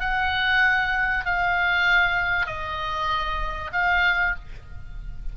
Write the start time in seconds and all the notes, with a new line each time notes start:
0.00 F#5
1.25 F5
2.46 D#5
3.72 F5